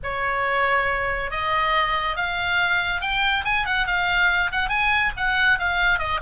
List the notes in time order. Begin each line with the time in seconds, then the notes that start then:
0.03 C#5
1.30 D#5
2.16 F5
3.01 G5
3.45 G#5
3.65 F#5
3.86 F5
4.51 F#5
4.69 G#5
5.16 F#5
5.59 F5
5.98 D#5